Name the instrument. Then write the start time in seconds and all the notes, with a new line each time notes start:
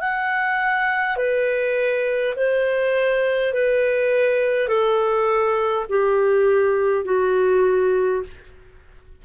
clarinet
0.00 F#5
1.17 B4
2.36 C5
3.53 B4
4.68 A4
5.90 G4
7.05 F#4